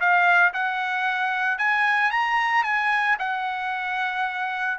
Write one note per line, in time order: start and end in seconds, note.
0.00 0.53 F5
0.54 1.58 F#5
1.58 2.11 G#5
2.11 2.64 A#5
2.64 3.17 G#5
3.19 4.78 F#5